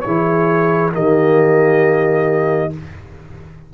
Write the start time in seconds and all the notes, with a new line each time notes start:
0.00 E3 E4 G#4 C#5
0.91 D#3 A#3 G4 D#5